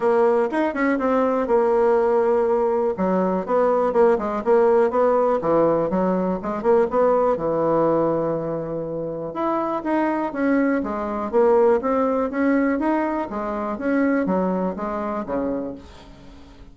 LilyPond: \new Staff \with { instrumentName = "bassoon" } { \time 4/4 \tempo 4 = 122 ais4 dis'8 cis'8 c'4 ais4~ | ais2 fis4 b4 | ais8 gis8 ais4 b4 e4 | fis4 gis8 ais8 b4 e4~ |
e2. e'4 | dis'4 cis'4 gis4 ais4 | c'4 cis'4 dis'4 gis4 | cis'4 fis4 gis4 cis4 | }